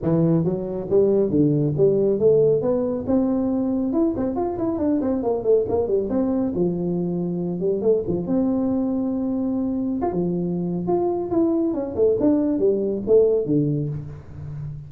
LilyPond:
\new Staff \with { instrumentName = "tuba" } { \time 4/4 \tempo 4 = 138 e4 fis4 g4 d4 | g4 a4 b4 c'4~ | c'4 e'8 c'8 f'8 e'8 d'8 c'8 | ais8 a8 ais8 g8 c'4 f4~ |
f4. g8 a8 f8 c'4~ | c'2. f'16 f8.~ | f4 f'4 e'4 cis'8 a8 | d'4 g4 a4 d4 | }